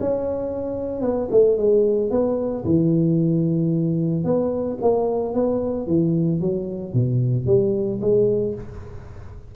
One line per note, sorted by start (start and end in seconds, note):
0.00 1.01 C#4
1.01 1.28 B3
1.31 1.58 A3
1.58 2.11 G#3
2.11 2.64 B3
2.64 4.24 E3
4.24 4.78 B3
4.82 5.34 A#3
5.34 5.87 B3
5.87 6.41 E3
6.41 6.94 F#3
6.94 7.46 B2
7.46 8.00 G3
8.01 8.55 G#3